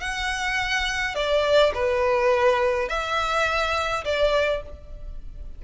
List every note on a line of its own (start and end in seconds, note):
0.00 1.15 F#5
1.15 1.72 D5
1.74 2.88 B4
2.88 4.04 E5
4.04 4.62 D5